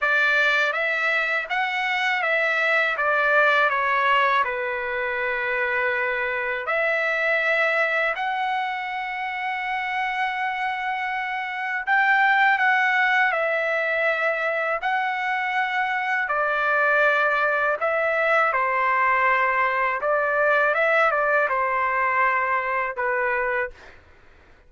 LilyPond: \new Staff \with { instrumentName = "trumpet" } { \time 4/4 \tempo 4 = 81 d''4 e''4 fis''4 e''4 | d''4 cis''4 b'2~ | b'4 e''2 fis''4~ | fis''1 |
g''4 fis''4 e''2 | fis''2 d''2 | e''4 c''2 d''4 | e''8 d''8 c''2 b'4 | }